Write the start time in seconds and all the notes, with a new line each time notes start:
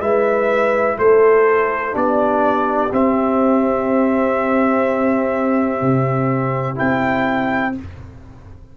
0.00 G#3 E4 B4 E5
0.98 A3 A4 C5
1.92 B3 D4 G4 D5
2.92 C4 E5
5.81 C3
6.75 C4 E4 G5